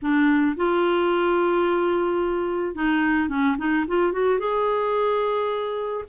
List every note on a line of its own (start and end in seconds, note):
0.02 0.56 D4
0.56 2.75 F4
2.75 3.29 D#4
3.29 3.56 C#4
3.58 3.85 D#4
3.87 4.12 F4
4.12 4.39 F#4
4.39 6.04 G#4